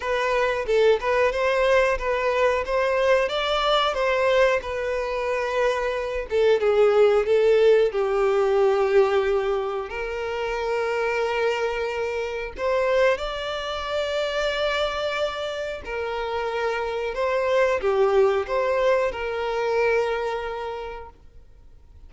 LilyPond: \new Staff \with { instrumentName = "violin" } { \time 4/4 \tempo 4 = 91 b'4 a'8 b'8 c''4 b'4 | c''4 d''4 c''4 b'4~ | b'4. a'8 gis'4 a'4 | g'2. ais'4~ |
ais'2. c''4 | d''1 | ais'2 c''4 g'4 | c''4 ais'2. | }